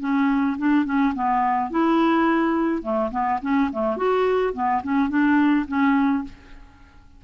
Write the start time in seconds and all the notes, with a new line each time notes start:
0.00 C#4
0.58 D4
0.85 C#4
1.15 B3
1.71 E4
2.82 A3
3.11 B3
3.42 C#4
3.72 A3
3.97 F#4
4.54 B3
4.83 C#4
5.09 D4
5.67 C#4